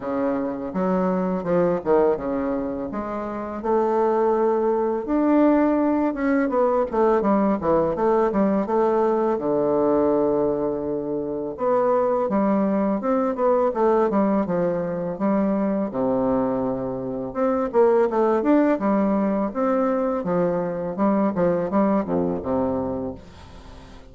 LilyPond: \new Staff \with { instrumentName = "bassoon" } { \time 4/4 \tempo 4 = 83 cis4 fis4 f8 dis8 cis4 | gis4 a2 d'4~ | d'8 cis'8 b8 a8 g8 e8 a8 g8 | a4 d2. |
b4 g4 c'8 b8 a8 g8 | f4 g4 c2 | c'8 ais8 a8 d'8 g4 c'4 | f4 g8 f8 g8 f,8 c4 | }